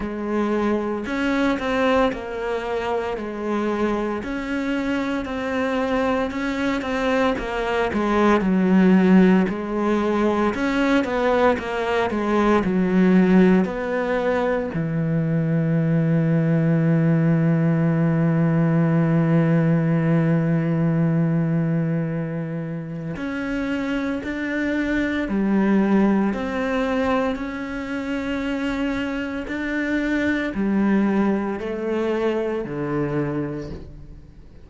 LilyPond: \new Staff \with { instrumentName = "cello" } { \time 4/4 \tempo 4 = 57 gis4 cis'8 c'8 ais4 gis4 | cis'4 c'4 cis'8 c'8 ais8 gis8 | fis4 gis4 cis'8 b8 ais8 gis8 | fis4 b4 e2~ |
e1~ | e2 cis'4 d'4 | g4 c'4 cis'2 | d'4 g4 a4 d4 | }